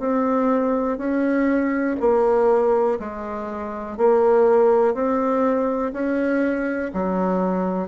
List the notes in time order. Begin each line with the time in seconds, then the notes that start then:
0.00 C4
0.98 C#4
2.01 A#3
3.00 G#3
3.98 A#3
4.94 C4
5.93 C#4
6.94 F#3